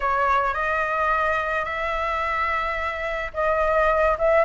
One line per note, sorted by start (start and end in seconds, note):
0.00 0.54 C#5
0.54 1.64 D#5
1.64 3.31 E5
3.33 4.17 D#5
4.18 4.44 E5